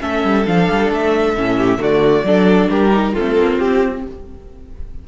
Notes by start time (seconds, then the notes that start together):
0.00 A3 C#4 A4 E5
0.24 G3
0.46 F3 D4 F5
0.71 G3
0.91 A3 E5
1.36 A2 C#4
1.57 G4
1.78 D3 A3 F#4 D5
2.24 F#3 D4 A4
2.70 G3 G4 A#4
2.92 D#4
3.13 C4 F4 A4
3.20 A3
3.36 A#3
3.58 C4 G4